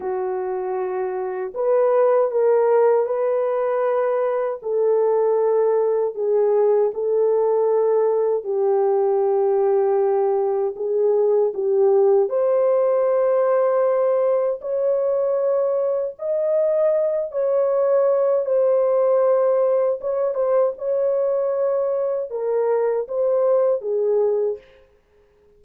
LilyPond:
\new Staff \with { instrumentName = "horn" } { \time 4/4 \tempo 4 = 78 fis'2 b'4 ais'4 | b'2 a'2 | gis'4 a'2 g'4~ | g'2 gis'4 g'4 |
c''2. cis''4~ | cis''4 dis''4. cis''4. | c''2 cis''8 c''8 cis''4~ | cis''4 ais'4 c''4 gis'4 | }